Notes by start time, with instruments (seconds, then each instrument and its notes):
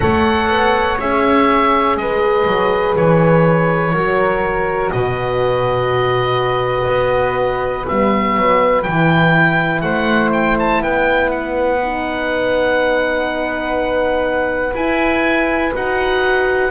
0.00 double bass A3, horn A4, flute C#5, oboe F#5
0.48 double bass B3
0.99 double bass C#4, horn G#4, oboe E5
1.96 double bass G#3, flute B4, oboe D#5
2.47 double bass F#3
2.96 double bass E3, oboe C#5
3.92 double bass F#3, horn F#4, flute A#4
4.91 double bass B2, flute B4, oboe D#5
6.87 double bass B3
7.86 double bass G3, horn B3, oboe E5
8.36 double bass F#3
8.83 double bass E3, horn E4, oboe G5
9.81 double bass A3, flute C5, oboe F#5
10.32 oboe G5
10.59 oboe A5
10.80 double bass B3, flute B4, oboe G5
11.30 oboe F#5
11.82 horn D#4
14.74 double bass E4, horn E4, oboe G#5
15.74 double bass D#4, horn F#4, oboe F#5